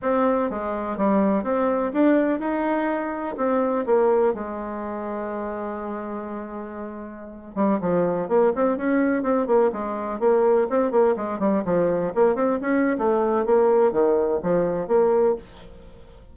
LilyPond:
\new Staff \with { instrumentName = "bassoon" } { \time 4/4 \tempo 4 = 125 c'4 gis4 g4 c'4 | d'4 dis'2 c'4 | ais4 gis2.~ | gis2.~ gis8. g16~ |
g16 f4 ais8 c'8 cis'4 c'8 ais16~ | ais16 gis4 ais4 c'8 ais8 gis8 g16~ | g16 f4 ais8 c'8 cis'8. a4 | ais4 dis4 f4 ais4 | }